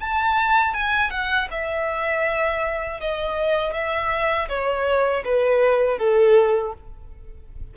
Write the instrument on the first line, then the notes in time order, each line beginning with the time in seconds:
violin
0.00 A5
0.74 G#5
1.10 F#5
1.50 E5
3.00 D#5
3.73 E5
4.48 C#5
5.24 B4
5.98 A4